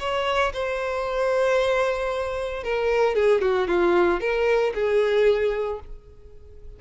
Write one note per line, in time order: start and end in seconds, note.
0.00 0.53 C#5
0.54 2.64 C5
2.64 3.16 A#4
3.16 3.42 G#4
3.42 3.68 F#4
3.68 4.21 F4
4.21 4.73 A#4
4.75 5.80 G#4